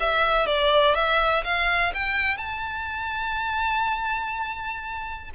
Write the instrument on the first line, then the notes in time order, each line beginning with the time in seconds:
violin
0.00 E5
0.46 D5
0.95 E5
1.44 F5
1.94 G5
2.37 A5